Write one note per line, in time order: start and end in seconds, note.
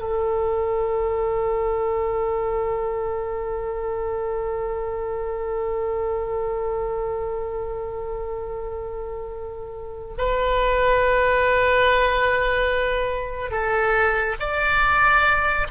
0.00 10.14 A4
10.18 13.51 B4
13.51 14.35 A4
14.40 15.67 D5